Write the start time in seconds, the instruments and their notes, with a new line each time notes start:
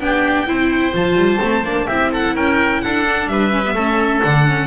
0.00 double bass B3, viola D4, oboe G4, violin G5
0.46 double bass C4, viola E4, oboe C5
0.92 double bass F3, viola F4, violin A5
1.16 double bass G3
1.40 double bass A3, viola C4
1.64 double bass A#3, viola D4
1.87 double bass C4, viola E4, oboe G4, violin E5
2.11 oboe A4, violin F#5
2.35 double bass C#4, oboe A#4, violin G5
2.81 double bass D4, oboe A4, violin F#5
3.06 viola D4
3.27 double bass G3, oboe B4, violin E5
3.51 viola C#4
3.65 viola B3
3.74 double bass A3, viola C#4, oboe A4
4.22 double bass D3, viola D4, violin F#5
4.47 viola C#4